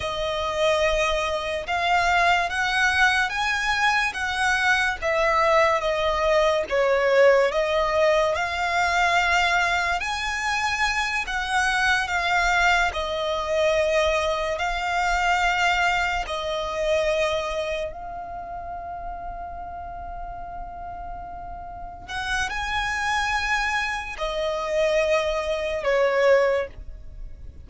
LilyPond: \new Staff \with { instrumentName = "violin" } { \time 4/4 \tempo 4 = 72 dis''2 f''4 fis''4 | gis''4 fis''4 e''4 dis''4 | cis''4 dis''4 f''2 | gis''4. fis''4 f''4 dis''8~ |
dis''4. f''2 dis''8~ | dis''4. f''2~ f''8~ | f''2~ f''8 fis''8 gis''4~ | gis''4 dis''2 cis''4 | }